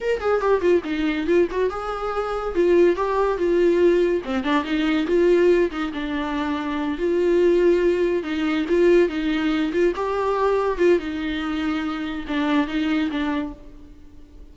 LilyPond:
\new Staff \with { instrumentName = "viola" } { \time 4/4 \tempo 4 = 142 ais'8 gis'8 g'8 f'8 dis'4 f'8 fis'8 | gis'2 f'4 g'4 | f'2 c'8 d'8 dis'4 | f'4. dis'8 d'2~ |
d'8 f'2. dis'8~ | dis'8 f'4 dis'4. f'8 g'8~ | g'4. f'8 dis'2~ | dis'4 d'4 dis'4 d'4 | }